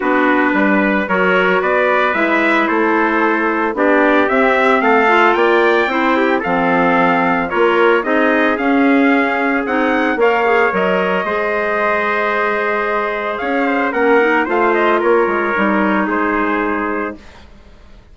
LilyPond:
<<
  \new Staff \with { instrumentName = "trumpet" } { \time 4/4 \tempo 4 = 112 b'2 cis''4 d''4 | e''4 c''2 d''4 | e''4 f''4 g''2 | f''2 cis''4 dis''4 |
f''2 fis''4 f''4 | dis''1~ | dis''4 f''4 fis''4 f''8 dis''8 | cis''2 c''2 | }
  \new Staff \with { instrumentName = "trumpet" } { \time 4/4 fis'4 b'4 ais'4 b'4~ | b'4 a'2 g'4~ | g'4 a'4 d''4 c''8 g'8 | a'2 ais'4 gis'4~ |
gis'2. cis''4~ | cis''4 c''2.~ | c''4 cis''8 c''8 ais'4 c''4 | ais'2 gis'2 | }
  \new Staff \with { instrumentName = "clarinet" } { \time 4/4 d'2 fis'2 | e'2. d'4 | c'4. f'4. e'4 | c'2 f'4 dis'4 |
cis'2 dis'4 ais'8 gis'8 | ais'4 gis'2.~ | gis'2 cis'8 dis'8 f'4~ | f'4 dis'2. | }
  \new Staff \with { instrumentName = "bassoon" } { \time 4/4 b4 g4 fis4 b4 | gis4 a2 b4 | c'4 a4 ais4 c'4 | f2 ais4 c'4 |
cis'2 c'4 ais4 | fis4 gis2.~ | gis4 cis'4 ais4 a4 | ais8 gis8 g4 gis2 | }
>>